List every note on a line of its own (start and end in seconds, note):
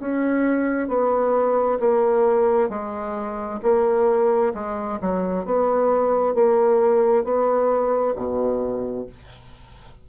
0.00 0.88 C#4
0.88 1.79 B3
1.80 2.69 A#3
2.69 3.60 G#3
3.62 4.53 A#3
4.54 5.00 G#3
5.01 5.46 F#3
5.46 6.35 B3
6.35 7.24 A#3
7.24 8.15 B3
8.16 9.07 B2